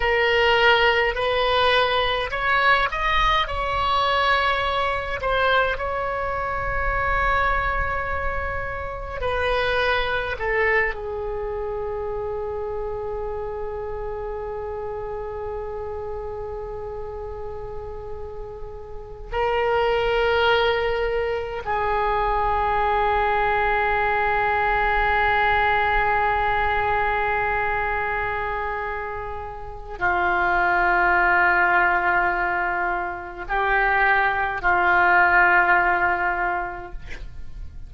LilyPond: \new Staff \with { instrumentName = "oboe" } { \time 4/4 \tempo 4 = 52 ais'4 b'4 cis''8 dis''8 cis''4~ | cis''8 c''8 cis''2. | b'4 a'8 gis'2~ gis'8~ | gis'1~ |
gis'8. ais'2 gis'4~ gis'16~ | gis'1~ | gis'2 f'2~ | f'4 g'4 f'2 | }